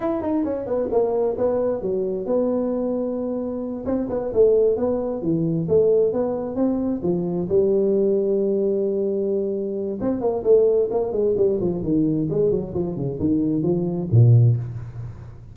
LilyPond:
\new Staff \with { instrumentName = "tuba" } { \time 4/4 \tempo 4 = 132 e'8 dis'8 cis'8 b8 ais4 b4 | fis4 b2.~ | b8 c'8 b8 a4 b4 e8~ | e8 a4 b4 c'4 f8~ |
f8 g2.~ g8~ | g2 c'8 ais8 a4 | ais8 gis8 g8 f8 dis4 gis8 fis8 | f8 cis8 dis4 f4 ais,4 | }